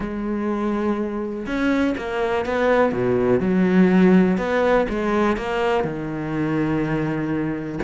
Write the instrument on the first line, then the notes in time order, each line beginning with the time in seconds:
cello
0.00 G#3
1.46 C#4
1.97 A#3
2.45 B3
2.92 B2
3.40 F#3
4.37 B3
4.89 G#3
5.37 A#3
5.84 D#3